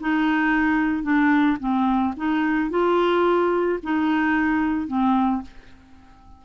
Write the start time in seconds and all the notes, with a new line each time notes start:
0.00 D#4
1.03 D4
1.60 C4
2.16 D#4
2.70 F4
3.83 D#4
4.87 C4